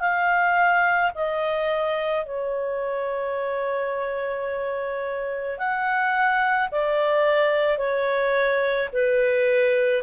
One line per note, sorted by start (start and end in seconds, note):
0.00 1.11 F5
1.15 2.26 D#5
2.26 5.59 C#5
5.59 6.70 F#5
6.72 7.78 D5
7.78 8.89 C#5
8.93 10.03 B4